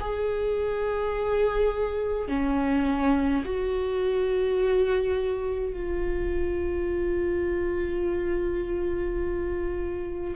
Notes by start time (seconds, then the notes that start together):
0.00 G#4
2.28 C#4
3.45 F#4
5.73 F4